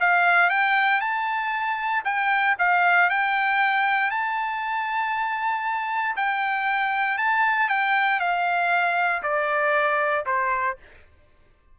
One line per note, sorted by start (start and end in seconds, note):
0.00 0.49 F5
0.49 1.00 G5
1.00 2.03 A5
2.04 2.56 G5
2.58 3.10 F5
3.10 4.10 G5
4.10 6.15 A5
6.16 7.18 G5
7.18 7.69 A5
7.69 8.20 G5
8.20 9.22 F5
9.22 10.25 D5
10.25 10.77 C5